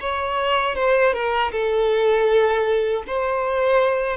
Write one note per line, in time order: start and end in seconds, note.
0.00 0.75 C#5
0.75 1.13 C5
1.13 1.51 A#4
1.51 3.03 A4
3.07 4.17 C5